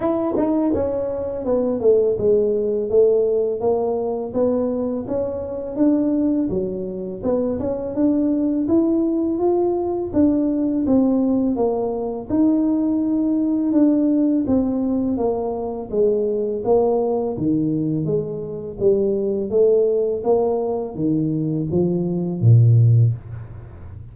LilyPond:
\new Staff \with { instrumentName = "tuba" } { \time 4/4 \tempo 4 = 83 e'8 dis'8 cis'4 b8 a8 gis4 | a4 ais4 b4 cis'4 | d'4 fis4 b8 cis'8 d'4 | e'4 f'4 d'4 c'4 |
ais4 dis'2 d'4 | c'4 ais4 gis4 ais4 | dis4 gis4 g4 a4 | ais4 dis4 f4 ais,4 | }